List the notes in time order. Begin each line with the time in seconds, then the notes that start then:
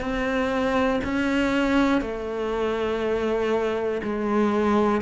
0.00 C4
1.04 C#4
2.01 A3
4.02 G#3